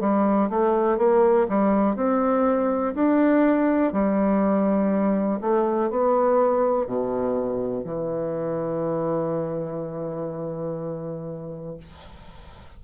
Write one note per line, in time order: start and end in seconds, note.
0.00 0.49 G3
0.50 0.98 A3
0.98 1.47 A#3
1.48 1.96 G3
1.96 2.94 C4
2.94 3.92 D4
3.92 5.40 G3
5.41 5.90 A3
5.90 6.86 B3
6.86 7.84 B2
7.84 11.77 E3